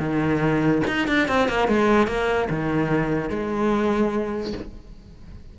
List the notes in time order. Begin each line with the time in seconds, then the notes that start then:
0.00 D#3
0.87 D#4
1.08 D4
1.28 C4
1.49 A#3
1.68 G#3
2.08 A#3
2.50 D#3
3.30 G#3